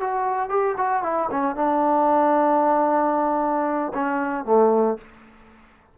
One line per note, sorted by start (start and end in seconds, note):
0.00 0.49 F#4
0.49 0.76 G4
0.78 1.03 F#4
1.03 1.29 E4
1.31 1.56 C#4
1.56 3.93 D4
3.94 4.45 C#4
4.45 4.98 A3